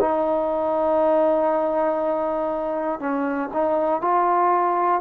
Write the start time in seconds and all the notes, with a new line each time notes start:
0.00 D#4
2.99 C#4
3.53 D#4
4.00 F4